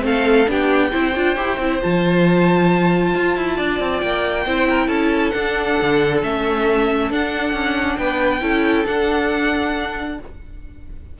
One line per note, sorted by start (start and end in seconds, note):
0.00 0.47 A3
0.00 0.44 C4
0.00 0.50 F5
0.06 0.50 A4
0.47 0.92 B3
0.47 0.91 D4
0.47 0.91 G4
0.47 1.82 G5
0.91 1.16 C4
0.91 1.14 E4
0.91 3.55 C5
1.15 1.37 D4
1.15 1.36 F4
1.36 1.58 E4
1.36 1.58 G4
1.58 1.80 C4
1.58 1.81 E4
1.81 3.14 F3
1.81 4.45 F4
1.81 4.00 A5
3.14 3.36 F4
3.36 3.58 E4
3.56 3.80 D4
3.56 4.44 D5
3.80 4.02 C4
4.00 4.46 A#3
4.00 4.88 G5
4.45 4.88 C4
4.45 5.33 E4
4.45 4.68 C5
4.69 4.87 A#4
4.87 5.32 C#4
4.87 7.96 A4
4.87 5.31 A5
5.31 6.22 D4
5.31 5.79 D4
5.31 6.19 F#5
5.81 6.23 D3
6.23 7.10 A3
6.23 7.11 C#4
6.23 7.11 E5
7.10 7.53 D4
7.10 8.41 D4
7.10 7.98 F#5
7.53 7.97 C#4
7.98 8.41 B3
7.98 8.42 B4
7.98 8.86 G5
8.41 8.85 C#4
8.41 8.85 E4
8.41 10.18 A4
8.87 10.19 D4
8.87 10.19 F#5